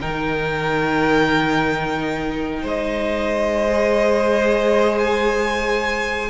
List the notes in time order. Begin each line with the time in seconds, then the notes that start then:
0.00 D#3 D#4 A#4 G5
2.62 G#3 C5 D#5
3.68 G#4
4.98 G#5